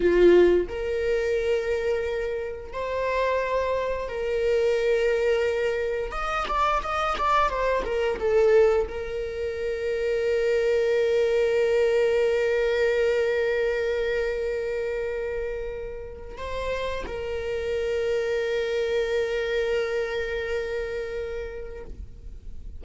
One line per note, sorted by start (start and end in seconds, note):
0.00 0.67 F4
0.68 2.72 A#4
2.72 4.08 C5
4.08 6.11 A#4
6.11 6.46 D#5
6.47 6.82 D5
6.82 7.16 D#5
7.18 7.49 D5
7.49 7.83 C5
7.84 8.18 A#4
8.19 8.87 A4
8.88 16.37 A#4
16.37 17.05 C5
17.06 21.84 A#4